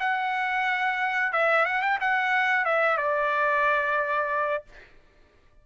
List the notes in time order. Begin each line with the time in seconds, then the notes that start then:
0.00 F#5
1.33 E5
1.65 F#5
1.82 G5
2.01 F#5
2.65 E5
2.98 D5